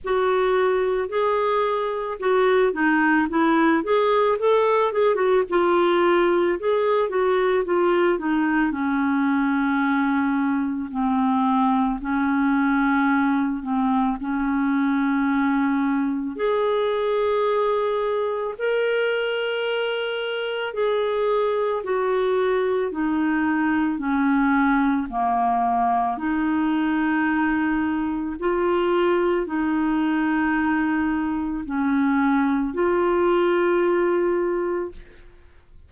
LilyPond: \new Staff \with { instrumentName = "clarinet" } { \time 4/4 \tempo 4 = 55 fis'4 gis'4 fis'8 dis'8 e'8 gis'8 | a'8 gis'16 fis'16 f'4 gis'8 fis'8 f'8 dis'8 | cis'2 c'4 cis'4~ | cis'8 c'8 cis'2 gis'4~ |
gis'4 ais'2 gis'4 | fis'4 dis'4 cis'4 ais4 | dis'2 f'4 dis'4~ | dis'4 cis'4 f'2 | }